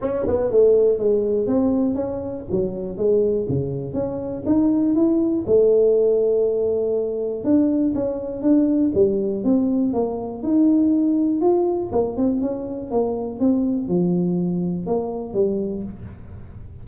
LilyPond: \new Staff \with { instrumentName = "tuba" } { \time 4/4 \tempo 4 = 121 cis'8 b8 a4 gis4 c'4 | cis'4 fis4 gis4 cis4 | cis'4 dis'4 e'4 a4~ | a2. d'4 |
cis'4 d'4 g4 c'4 | ais4 dis'2 f'4 | ais8 c'8 cis'4 ais4 c'4 | f2 ais4 g4 | }